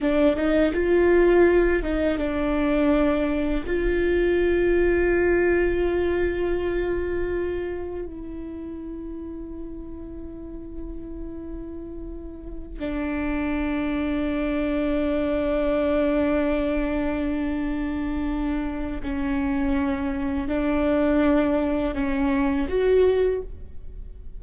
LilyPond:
\new Staff \with { instrumentName = "viola" } { \time 4/4 \tempo 4 = 82 d'8 dis'8 f'4. dis'8 d'4~ | d'4 f'2.~ | f'2. e'4~ | e'1~ |
e'4. d'2~ d'8~ | d'1~ | d'2 cis'2 | d'2 cis'4 fis'4 | }